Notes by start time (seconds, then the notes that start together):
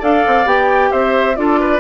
0.00 D4 A4 D5 F5
0.27 C4
0.46 B3 G4 G5
0.92 C4 C5 E5
1.36 D4 F4 A4 D5
1.60 B4